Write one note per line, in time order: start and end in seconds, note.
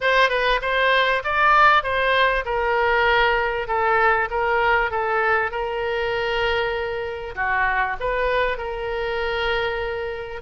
0.01 0.29 C5
0.29 0.60 B4
0.61 1.22 C5
1.24 1.83 D5
1.83 2.44 C5
2.45 3.67 A#4
3.67 4.29 A4
4.30 4.90 A#4
4.90 5.51 A4
5.51 7.35 A#4
7.35 7.96 F#4
8.00 8.57 B4
8.57 10.41 A#4